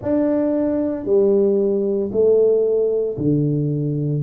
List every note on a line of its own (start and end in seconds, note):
0.02 1.05 D4
1.05 2.10 G3
2.11 3.17 A3
3.17 4.22 D3